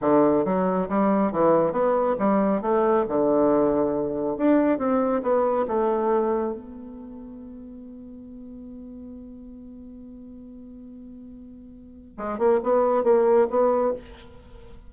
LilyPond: \new Staff \with { instrumentName = "bassoon" } { \time 4/4 \tempo 4 = 138 d4 fis4 g4 e4 | b4 g4 a4 d4~ | d2 d'4 c'4 | b4 a2 b4~ |
b1~ | b1~ | b1 | gis8 ais8 b4 ais4 b4 | }